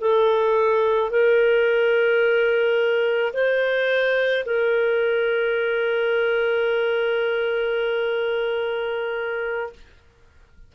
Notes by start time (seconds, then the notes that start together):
0.00 A4
1.11 A#4
3.33 C5
4.45 A#4